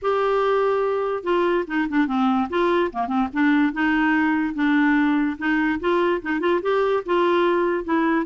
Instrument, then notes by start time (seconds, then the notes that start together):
clarinet
0.02 G4
1.23 F4
1.67 D#4
1.89 D4
2.07 C4
2.49 F4
2.92 A#3
3.07 C4
3.33 D4
3.72 D#4
4.54 D4
5.38 D#4
5.80 F4
6.22 D#4
6.40 F4
6.62 G4
7.05 F4
7.84 E4